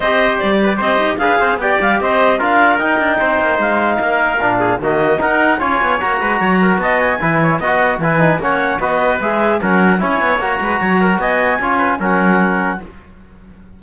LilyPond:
<<
  \new Staff \with { instrumentName = "clarinet" } { \time 4/4 \tempo 4 = 150 dis''4 d''4 dis''4 f''4 | g''8 f''8 dis''4 f''4 g''4~ | g''4 f''2. | dis''4 fis''4 gis''4 ais''4~ |
ais''4 a''8 gis''4. fis''4 | gis''4 fis''4 dis''4 e''4 | fis''4 gis''4 ais''2 | gis''2 fis''2 | }
  \new Staff \with { instrumentName = "trumpet" } { \time 4/4 c''4. b'8 c''4 b'8 c''8 | d''4 c''4 ais'2 | c''2 ais'4. gis'8 | fis'4 ais'4 cis''4. b'8 |
cis''8 ais'8 dis''4 b'8 cis''8 dis''4 | b'4 cis''4 b'2 | ais'4 cis''4. b'8 cis''8 ais'8 | dis''4 cis''8 b'8 ais'2 | }
  \new Staff \with { instrumentName = "trombone" } { \time 4/4 g'2. gis'4 | g'2 f'4 dis'4~ | dis'2. d'4 | ais4 dis'4 f'4 fis'4~ |
fis'2 e'4 fis'4 | e'8 dis'8 cis'4 fis'4 gis'4 | cis'4 e'4 fis'2~ | fis'4 f'4 cis'2 | }
  \new Staff \with { instrumentName = "cello" } { \time 4/4 c'4 g4 c'8 dis'8 d'8 c'8 | b8 g8 c'4 d'4 dis'8 d'8 | c'8 ais8 gis4 ais4 ais,4 | dis4 dis'4 cis'8 b8 ais8 gis8 |
fis4 b4 e4 b4 | e4 ais4 b4 gis4 | fis4 cis'8 b8 ais8 gis8 fis4 | b4 cis'4 fis2 | }
>>